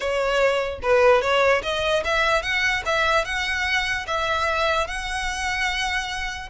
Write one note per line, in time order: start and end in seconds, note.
0.00 0.79 C#5
0.82 1.21 B4
1.21 1.62 C#5
1.62 2.03 D#5
2.04 2.42 E5
2.42 2.82 F#5
2.85 3.25 E5
3.25 4.06 F#5
4.07 4.87 E5
4.87 6.49 F#5